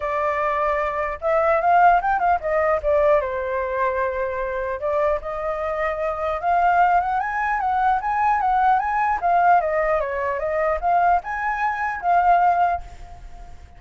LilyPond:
\new Staff \with { instrumentName = "flute" } { \time 4/4 \tempo 4 = 150 d''2. e''4 | f''4 g''8 f''8 dis''4 d''4 | c''1 | d''4 dis''2. |
f''4. fis''8 gis''4 fis''4 | gis''4 fis''4 gis''4 f''4 | dis''4 cis''4 dis''4 f''4 | gis''2 f''2 | }